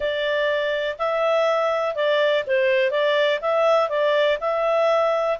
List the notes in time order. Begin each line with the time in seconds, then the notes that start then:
0.00 D5
0.98 E5
1.95 D5
2.46 C5
2.90 D5
3.41 E5
3.89 D5
4.40 E5